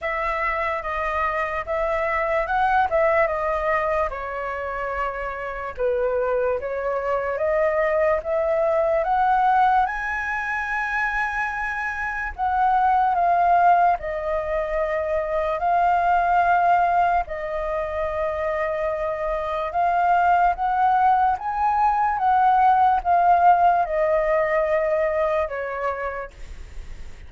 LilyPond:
\new Staff \with { instrumentName = "flute" } { \time 4/4 \tempo 4 = 73 e''4 dis''4 e''4 fis''8 e''8 | dis''4 cis''2 b'4 | cis''4 dis''4 e''4 fis''4 | gis''2. fis''4 |
f''4 dis''2 f''4~ | f''4 dis''2. | f''4 fis''4 gis''4 fis''4 | f''4 dis''2 cis''4 | }